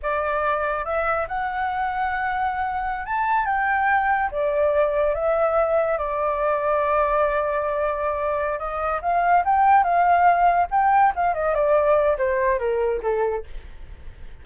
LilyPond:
\new Staff \with { instrumentName = "flute" } { \time 4/4 \tempo 4 = 143 d''2 e''4 fis''4~ | fis''2.~ fis''16 a''8.~ | a''16 g''2 d''4.~ d''16~ | d''16 e''2 d''4.~ d''16~ |
d''1~ | d''8 dis''4 f''4 g''4 f''8~ | f''4. g''4 f''8 dis''8 d''8~ | d''4 c''4 ais'4 a'4 | }